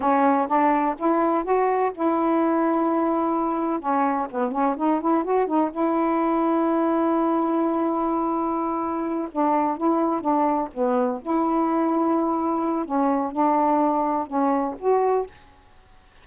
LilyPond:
\new Staff \with { instrumentName = "saxophone" } { \time 4/4 \tempo 4 = 126 cis'4 d'4 e'4 fis'4 | e'1 | cis'4 b8 cis'8 dis'8 e'8 fis'8 dis'8 | e'1~ |
e'2.~ e'8 d'8~ | d'8 e'4 d'4 b4 e'8~ | e'2. cis'4 | d'2 cis'4 fis'4 | }